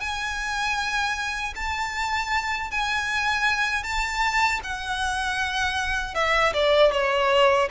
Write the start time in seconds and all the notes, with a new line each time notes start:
0.00 G#5
1.55 A5
2.71 G#5
3.83 A5
4.63 F#5
6.14 E5
6.53 D5
6.92 C#5